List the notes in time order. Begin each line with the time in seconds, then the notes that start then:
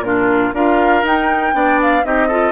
0.00 A#2 D4 F4 A#4
0.53 D4 F4 A#4 F5
1.02 D#4 G5
1.52 B3 D4 D5
1.81 F5
2.04 C4 D#4 G4 D#5
2.27 F4 A4